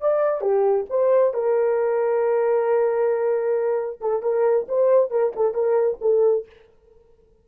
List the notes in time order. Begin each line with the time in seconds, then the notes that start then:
0.00 D5
0.41 G4
0.89 C5
1.33 A#4
4.01 A4
4.22 A#4
4.68 C5
5.10 A#4
5.36 A4
5.54 A#4
6.01 A4